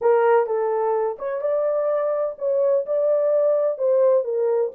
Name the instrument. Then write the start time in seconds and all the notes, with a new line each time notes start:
horn
0.01 A#4
0.46 A4
1.18 C#5
1.41 D5
2.38 C#5
2.86 D5
3.78 C5
4.24 A#4